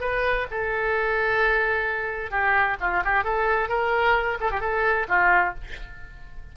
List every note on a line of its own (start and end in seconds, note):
0.00 0.46 B4
0.50 2.30 A4
2.30 2.76 G4
2.80 3.03 F4
3.04 3.23 G4
3.23 3.68 A4
3.68 4.38 A#4
4.40 4.51 A4
4.51 4.60 G4
4.60 5.06 A4
5.08 5.54 F4